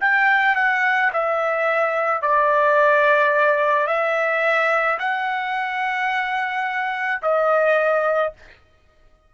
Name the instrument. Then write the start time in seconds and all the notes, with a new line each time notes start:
trumpet
0.00 G5
0.55 F#5
1.13 E5
2.22 D5
3.87 E5
4.99 F#5
7.22 D#5